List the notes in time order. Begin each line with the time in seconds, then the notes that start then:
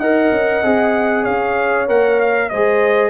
0.00 D#4 A#4 D#5 F#5
0.32 C#4
0.64 C4 G#4
1.24 C#4 C#5 F5
1.88 A#3 A#4 F#5
2.20 F5
2.50 G#3 G#4 C5 D#5